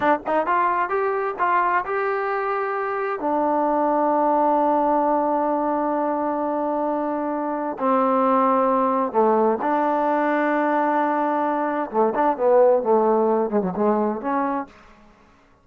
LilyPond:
\new Staff \with { instrumentName = "trombone" } { \time 4/4 \tempo 4 = 131 d'8 dis'8 f'4 g'4 f'4 | g'2. d'4~ | d'1~ | d'1~ |
d'4 c'2. | a4 d'2.~ | d'2 a8 d'8 b4 | a4. gis16 fis16 gis4 cis'4 | }